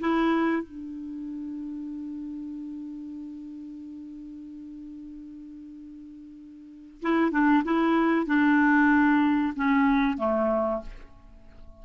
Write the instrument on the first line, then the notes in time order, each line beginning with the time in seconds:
clarinet
0.00 E4
0.63 D4
7.02 E4
7.31 D4
7.64 E4
8.26 D4
9.56 C#4
10.18 A3